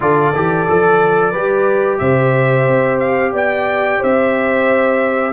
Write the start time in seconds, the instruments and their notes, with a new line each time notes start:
0.00 tuba D3, trombone F4, horn A4, trumpet D5
0.34 tuba E3, trombone G4
0.68 tuba F3, trombone A4
1.31 tuba G3, trombone G4, horn B4
1.98 tuba C3, horn C5, trumpet E5
2.67 tuba C4
2.99 trumpet F5
3.32 tuba B3, horn D5, trumpet G5
3.99 tuba C4, horn C5, trumpet E5